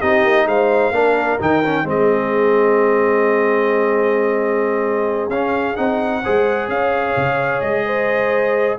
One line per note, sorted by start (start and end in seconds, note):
0.00 0.24 C4
0.00 0.93 D#4
0.00 0.46 G4
0.00 0.47 D#5
0.24 0.46 A#3
0.46 0.91 G#3
0.46 0.93 C5
0.46 1.40 F5
0.91 1.37 A#3
0.91 1.39 D4
0.91 1.85 A#4
1.40 1.84 D#3
1.40 1.63 D#4
1.40 1.88 G5
1.65 1.85 C#4
1.84 5.29 G#3
1.84 5.31 C4
1.84 6.23 G#4
1.84 5.30 D#5
5.29 5.75 C#4
5.29 5.76 C#4
5.29 5.76 F5
5.76 6.24 C4
5.76 6.23 D#4
5.76 6.68 F#5
6.23 6.68 G#3
6.23 8.78 G#4
6.23 6.69 C5
6.68 7.14 C#4
6.68 7.85 C#5
6.68 7.61 F5
7.16 7.61 C#3
7.61 8.77 G#3
7.61 8.76 D#5
7.85 8.77 C5